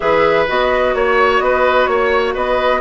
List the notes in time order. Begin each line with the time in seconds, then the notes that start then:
0.00 E3 G#4 B4 E5
0.47 B3 F#4 D#5
0.94 A#3 C#5
1.39 B3 B4 D#5
1.86 A#3 C#5
2.34 B3 B4 D#5